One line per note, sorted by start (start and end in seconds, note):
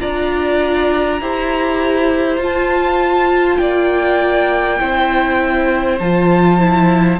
0.00 1.21 D4
0.00 1.20 F4
0.00 1.21 D5
0.00 2.40 A#5
1.21 2.38 E4
1.21 2.40 G4
1.21 3.60 C5
2.38 3.58 F4
2.38 4.79 F4
2.38 3.57 A5
3.57 4.80 A#3
3.57 4.80 D5
3.57 5.97 G5
4.79 6.00 C4
4.79 5.99 E4
4.79 7.20 C5
5.99 7.20 F3
5.99 6.59 F4
5.99 7.19 A5
6.59 7.19 E4